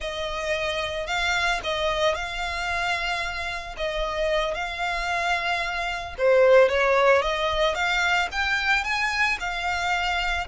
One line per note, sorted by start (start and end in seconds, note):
0.00 1.06 D#5
1.06 1.60 F5
1.63 2.15 D#5
2.15 3.75 F5
3.77 4.54 D#5
4.54 6.15 F5
6.18 6.68 C5
6.68 7.22 C#5
7.22 7.74 D#5
7.74 8.28 F5
8.31 8.84 G5
8.84 9.37 G#5
9.40 10.47 F5